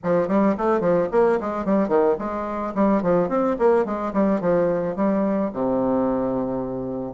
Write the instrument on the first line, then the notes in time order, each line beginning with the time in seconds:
bassoon
0.03 F3
0.28 G3
0.57 A3
0.80 F3
1.11 A#3
1.40 G#3
1.65 G3
1.88 D#3
2.19 G#3
2.74 G3
3.02 F3
3.29 C4
3.58 A#3
3.85 G#3
4.13 G3
4.40 F3
4.95 G3
5.53 C3